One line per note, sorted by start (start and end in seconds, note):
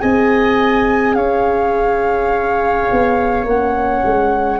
0.00 1.15 C4
0.00 3.46 G#4
0.00 1.16 D#5
0.00 1.14 G#5
1.14 2.88 C#4
1.14 4.60 C#5
1.14 3.45 F5
2.91 3.44 B3
3.44 4.02 A#3
3.44 4.60 C#4
3.44 4.60 F#5
4.05 4.60 G#3